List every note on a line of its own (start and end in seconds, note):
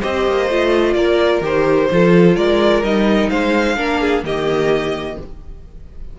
0.00 0.27 C4
0.00 0.49 G4
0.00 0.94 C5
0.00 0.93 D#5
0.27 0.50 A#3
0.49 0.94 A3
0.49 1.42 F4
0.93 1.40 A#3
0.93 1.90 A#4
0.93 1.40 D5
1.40 1.87 D#3
1.40 1.89 G4
1.40 2.36 C5
1.90 2.36 F3
1.90 2.83 F4
1.90 2.36 A4
2.36 2.82 G#3
2.36 3.29 A#4
2.36 2.83 D5
2.82 3.29 G3
2.82 3.76 D#4
2.82 3.29 D#5
3.29 3.76 G#3
3.29 3.76 C5
3.29 4.23 F5
3.76 4.23 A#3
3.76 4.23 D4
3.76 4.00 A#4
4.00 4.24 G#4
4.23 5.16 D#3
4.23 5.18 A#3
4.23 5.18 G4
4.23 5.19 D#5